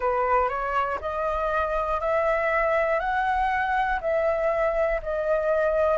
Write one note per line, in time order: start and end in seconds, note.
0.00 0.48 B4
0.48 0.98 C#5
1.00 2.00 D#5
2.00 2.99 E5
2.99 3.99 F#5
4.00 5.00 E5
5.02 5.97 D#5